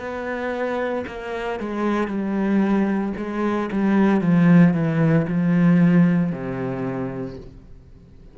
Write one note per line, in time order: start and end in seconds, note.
0.00 1.05 B3
1.08 1.60 A#3
1.60 2.08 G#3
2.08 3.13 G3
3.17 3.70 G#3
3.73 4.22 G3
4.22 4.74 F3
4.74 5.27 E3
5.28 6.33 F3
6.33 7.38 C3